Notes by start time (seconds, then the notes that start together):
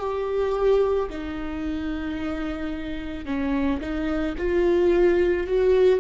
0.00 G4
1.10 D#4
3.26 C#4
3.81 D#4
4.38 F4
5.47 F#4